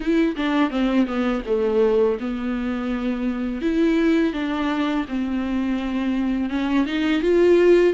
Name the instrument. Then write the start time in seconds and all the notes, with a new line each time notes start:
viola
0.00 E4
0.36 D4
0.70 C4
1.06 B3
1.46 A3
2.19 B3
3.61 E4
4.33 D4
5.08 C4
6.49 C#4
6.86 D#4
7.22 F4